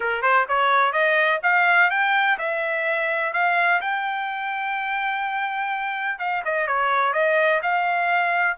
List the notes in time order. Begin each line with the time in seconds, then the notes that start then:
0.00 A#4
0.22 C5
0.48 C#5
0.92 D#5
1.42 F5
1.90 G5
2.38 E5
3.33 F5
3.81 G5
6.19 F5
6.45 D#5
6.67 C#5
7.13 D#5
7.62 F5